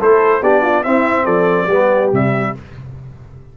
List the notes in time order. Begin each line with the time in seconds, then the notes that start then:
0.00 A3 E4 A4 C5
0.42 B3 D4 G4 D5
0.62 F4
0.83 C4 E4 E5
1.25 F3 A4 D5
1.67 G3 B3 G4
2.12 C3 G3 E5